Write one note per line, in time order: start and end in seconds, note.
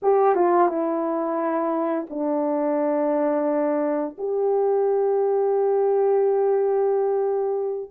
0.02 0.35 G4
0.35 0.68 F4
0.68 2.06 E4
2.09 4.16 D4
4.18 7.91 G4